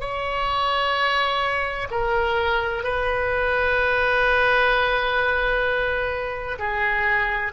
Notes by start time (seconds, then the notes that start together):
0.00 C#5
1.90 A#4
2.83 B4
6.58 G#4